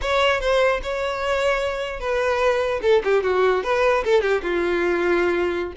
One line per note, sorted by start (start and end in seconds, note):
0.01 0.40 C#5
0.40 0.80 C5
0.83 1.99 C#5
1.99 2.80 B4
2.82 3.02 A4
3.03 3.23 G4
3.23 3.63 F#4
3.63 4.03 B4
4.04 4.21 A4
4.21 4.41 G4
4.42 5.73 F4